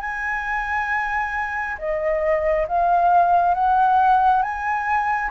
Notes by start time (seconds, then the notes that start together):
0.00 G#5
1.78 D#5
2.67 F5
3.54 F#5
4.42 G#5